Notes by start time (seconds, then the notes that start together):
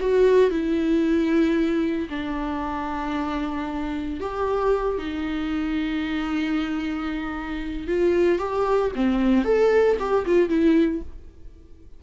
0.00 F#4
0.51 E4
2.10 D4
4.20 G4
4.98 D#4
7.88 F4
8.39 G4
8.95 C4
9.45 A4
10.00 G4
10.26 F4
10.49 E4